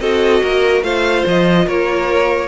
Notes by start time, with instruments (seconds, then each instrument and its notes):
0.00 cello C4, viola F#4, violin A4 D#5
0.42 cello A#3, violin A#4
0.82 cello A3, viola F4, violin C5 F5
1.26 cello F3, violin D#5
1.66 cello A#3, violin A#4 C#5